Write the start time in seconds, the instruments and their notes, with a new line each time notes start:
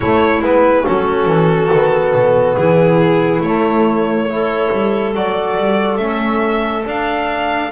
0.00 trombone A3, double bass A3, clarinet E4, violin C#5
0.41 double bass G#3, trombone B3, violin B4
0.84 double bass F#3, trombone C#4, clarinet F#4, violin A4
1.26 double bass E3
1.72 double bass D#3, trombone B3
2.14 double bass B2
2.56 double bass E3, clarinet E4, violin G#4
3.40 double bass A3, trombone A3, violin C#5
4.29 trombone E4, clarinet A4
4.71 double bass G3
5.14 double bass F#3, trombone F#4, violin D5
5.56 double bass G3
5.97 double bass A3, trombone C#4, violin E5
6.83 trombone D4, double bass D4, violin F5